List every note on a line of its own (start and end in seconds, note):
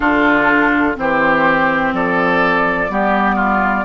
0.00 0.95 D3
0.00 0.95 D4
0.00 0.96 F4
0.00 0.96 A4
0.95 1.93 E3
0.95 2.89 C4
0.95 1.94 G4
0.95 1.94 C5
1.93 2.89 F3
1.93 2.91 A4
1.93 3.85 D5
2.89 3.85 G3
2.89 3.85 B3
2.89 3.35 G4
3.35 3.83 F4